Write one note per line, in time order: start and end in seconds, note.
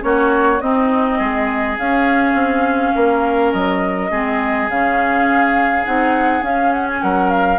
0.00 0.61 A#3
0.00 0.58 C#4
0.00 0.62 F#4
0.00 0.60 C#5
0.60 1.19 C4
0.60 1.78 C4
0.60 1.18 D#4
0.60 1.77 D#5
1.18 1.77 G#3
1.18 2.93 G#4
1.78 4.11 C#4
1.78 2.34 C#4
1.78 3.52 F5
2.34 2.92 C4
2.95 3.53 A#3
2.95 4.10 A#4
3.52 4.11 F#3
3.52 4.69 D#5
4.10 4.69 G#3
4.10 4.69 C4
4.10 7.02 G#4
4.69 5.85 C#3
4.69 5.85 C#4
4.69 5.85 F5
5.85 6.42 C4
5.85 6.42 D#4
5.85 6.43 F#5
6.42 7.58 C#4
6.42 7.00 C#4
6.42 6.72 F5
6.72 6.87 F#5
6.87 7.01 G#5
7.01 7.59 F#3
7.01 7.59 A#4
7.01 7.29 F#5
7.29 7.59 F5